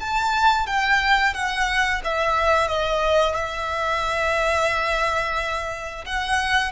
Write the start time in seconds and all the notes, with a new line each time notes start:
0.00 A5
0.67 G5
1.34 F#5
2.04 E5
2.68 D#5
3.35 E5
6.06 F#5